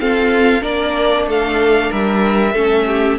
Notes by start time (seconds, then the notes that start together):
0.00 C4 F4 A4 F5
0.61 A#3 D4 A#4 D5
1.26 A3 A4 F5
1.90 G3 A#4 E5
2.53 A3 C#4 A4
2.87 G4